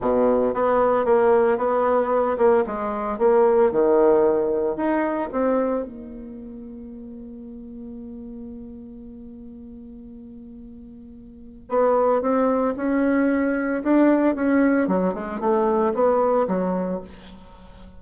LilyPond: \new Staff \with { instrumentName = "bassoon" } { \time 4/4 \tempo 4 = 113 b,4 b4 ais4 b4~ | b8 ais8 gis4 ais4 dis4~ | dis4 dis'4 c'4 ais4~ | ais1~ |
ais1~ | ais2 b4 c'4 | cis'2 d'4 cis'4 | fis8 gis8 a4 b4 fis4 | }